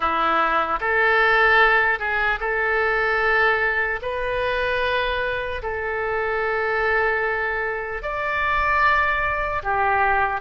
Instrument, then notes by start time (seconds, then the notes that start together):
oboe
0.00 E4
0.80 A4
1.99 G#4
2.40 A4
4.01 B4
5.62 A4
8.02 D5
9.63 G4